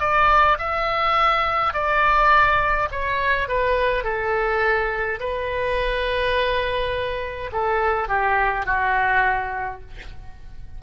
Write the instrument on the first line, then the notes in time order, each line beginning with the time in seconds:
oboe
0.00 D5
0.59 E5
1.74 D5
2.92 C#5
3.48 B4
4.04 A4
5.20 B4
7.53 A4
8.09 G4
8.66 F#4